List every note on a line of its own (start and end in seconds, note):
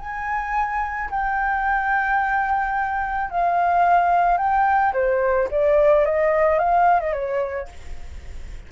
0.00 1.10 G#5
1.11 3.31 G5
3.31 4.38 F5
4.38 4.93 G5
4.94 5.49 C5
5.51 6.06 D5
6.06 6.59 D#5
6.59 7.00 F5
7.00 7.13 D#5
7.13 7.68 C#5